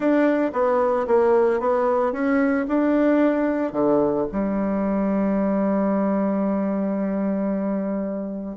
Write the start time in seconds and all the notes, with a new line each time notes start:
0.00 D4
0.52 B3
1.07 A#3
1.60 B3
2.12 C#4
2.68 D4
3.72 D3
4.31 G3